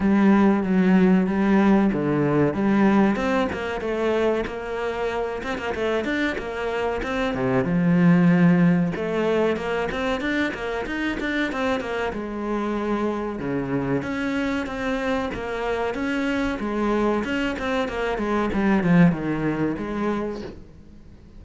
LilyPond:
\new Staff \with { instrumentName = "cello" } { \time 4/4 \tempo 4 = 94 g4 fis4 g4 d4 | g4 c'8 ais8 a4 ais4~ | ais8 c'16 ais16 a8 d'8 ais4 c'8 c8 | f2 a4 ais8 c'8 |
d'8 ais8 dis'8 d'8 c'8 ais8 gis4~ | gis4 cis4 cis'4 c'4 | ais4 cis'4 gis4 cis'8 c'8 | ais8 gis8 g8 f8 dis4 gis4 | }